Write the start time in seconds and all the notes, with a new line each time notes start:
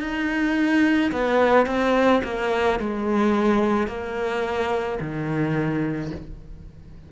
0.00 D#4
1.12 B3
1.66 C4
2.23 A#3
2.79 G#3
3.87 A#3
5.00 D#3